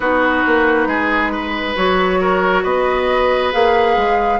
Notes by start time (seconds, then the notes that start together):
0.00 B3 D#4 F#4 B4
0.46 A#3
0.86 G#3 G#4
1.32 B4
1.76 F#3 F#4 C#5
2.21 A#4
2.63 B3 B4 D#5
3.51 A#3 G#4 F5
3.96 G#3